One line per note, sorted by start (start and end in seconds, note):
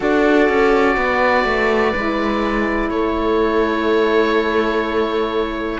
0.00 0.49 D4
0.00 1.93 F#4
0.00 0.95 A4
0.00 2.90 D5
0.49 0.96 C#4
0.96 1.44 B3
0.96 2.90 B4
1.44 1.92 A3
1.96 2.89 G#3
1.96 5.79 E4
2.89 5.79 A3
2.89 5.79 A4
2.89 5.79 C#5